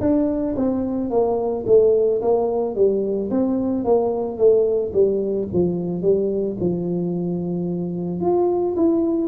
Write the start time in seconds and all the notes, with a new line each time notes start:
0.00 D4
0.56 C4
1.10 A#3
1.66 A3
2.21 A#3
2.75 G3
3.30 C4
3.84 A#3
4.37 A3
4.93 G3
5.52 F3
6.02 G3
6.60 F3
8.20 F4
8.75 E4